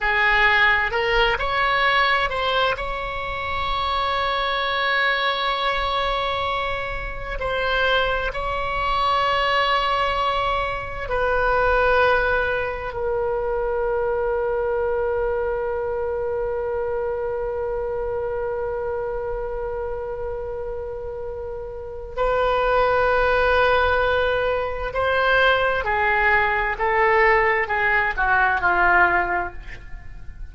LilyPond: \new Staff \with { instrumentName = "oboe" } { \time 4/4 \tempo 4 = 65 gis'4 ais'8 cis''4 c''8 cis''4~ | cis''1 | c''4 cis''2. | b'2 ais'2~ |
ais'1~ | ais'1 | b'2. c''4 | gis'4 a'4 gis'8 fis'8 f'4 | }